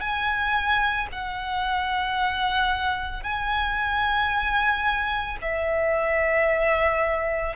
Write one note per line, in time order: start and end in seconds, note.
0.00 1.07 G#5
1.12 3.23 F#5
3.23 5.37 G#5
5.42 7.56 E5